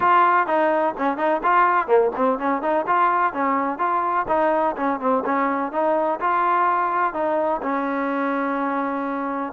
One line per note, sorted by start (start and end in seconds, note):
0.00 0.46 F4
0.46 0.94 D#4
0.97 1.17 C#4
1.17 1.41 D#4
1.43 1.87 F4
1.87 2.11 A#3
2.16 2.38 C4
2.38 2.61 C#4
2.61 2.85 D#4
2.86 3.33 F4
3.33 3.78 C#4
3.78 4.26 F4
4.27 4.75 D#4
4.76 4.99 C#4
4.99 5.23 C4
5.25 5.72 C#4
5.72 6.19 D#4
6.20 7.13 F4
7.13 7.61 D#4
7.62 9.52 C#4